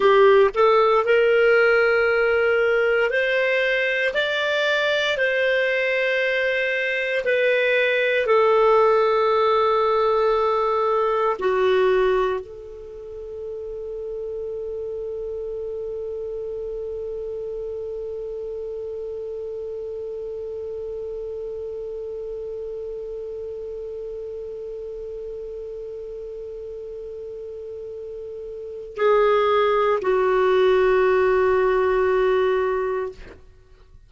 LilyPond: \new Staff \with { instrumentName = "clarinet" } { \time 4/4 \tempo 4 = 58 g'8 a'8 ais'2 c''4 | d''4 c''2 b'4 | a'2. fis'4 | a'1~ |
a'1~ | a'1~ | a'1 | gis'4 fis'2. | }